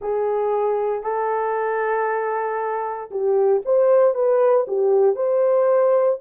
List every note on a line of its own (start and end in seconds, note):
0.01 1.03 G#4
1.03 3.10 A4
3.10 3.62 G4
3.65 4.14 C5
4.14 4.66 B4
4.67 5.15 G4
5.15 6.19 C5